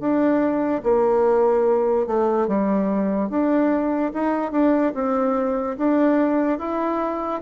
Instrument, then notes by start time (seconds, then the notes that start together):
bassoon
0.00 D4
0.84 A#3
2.07 A3
2.48 G3
3.30 D4
4.14 D#4
4.52 D4
4.95 C4
5.78 D4
6.59 E4